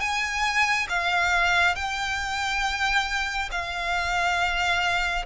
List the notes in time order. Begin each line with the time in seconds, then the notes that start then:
0.00 G#5
0.89 F5
1.75 G5
3.51 F5